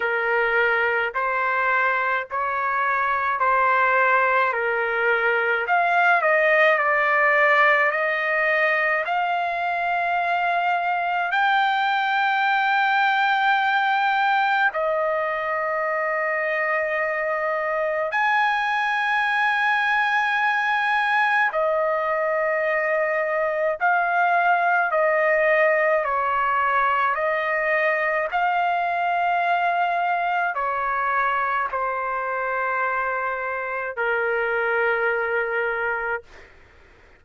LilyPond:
\new Staff \with { instrumentName = "trumpet" } { \time 4/4 \tempo 4 = 53 ais'4 c''4 cis''4 c''4 | ais'4 f''8 dis''8 d''4 dis''4 | f''2 g''2~ | g''4 dis''2. |
gis''2. dis''4~ | dis''4 f''4 dis''4 cis''4 | dis''4 f''2 cis''4 | c''2 ais'2 | }